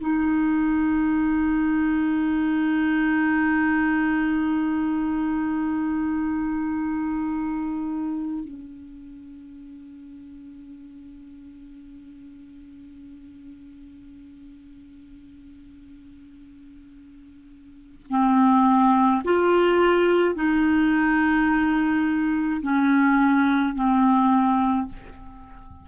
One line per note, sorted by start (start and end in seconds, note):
0.00 8.44 D#4
8.44 18.07 C#4
18.09 19.22 C4
19.24 20.35 F4
20.35 22.62 D#4
22.62 23.75 C#4
23.75 24.88 C4